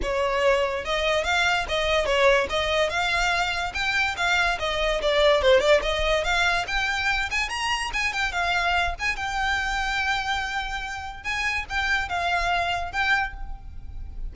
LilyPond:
\new Staff \with { instrumentName = "violin" } { \time 4/4 \tempo 4 = 144 cis''2 dis''4 f''4 | dis''4 cis''4 dis''4 f''4~ | f''4 g''4 f''4 dis''4 | d''4 c''8 d''8 dis''4 f''4 |
g''4. gis''8 ais''4 gis''8 g''8 | f''4. gis''8 g''2~ | g''2. gis''4 | g''4 f''2 g''4 | }